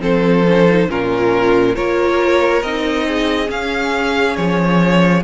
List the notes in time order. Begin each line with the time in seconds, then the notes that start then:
0.00 F3 C4 A4 C5
0.47 C#4
0.68 D#4
0.89 A#2 C#4 F4 A#4
1.75 A#3 F4 A#4 C#5
2.62 C4 D#4 D#5
3.07 G#4
3.46 C#4 F5
4.36 F3 C#5